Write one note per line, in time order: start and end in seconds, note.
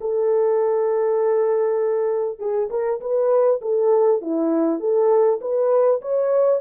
0.00 2.39 A4
2.39 2.69 G#4
2.70 3.00 A#4
3.00 3.60 B4
3.61 4.21 A4
4.21 4.79 E4
4.79 5.39 A4
5.41 6.01 B4
6.01 6.60 C#5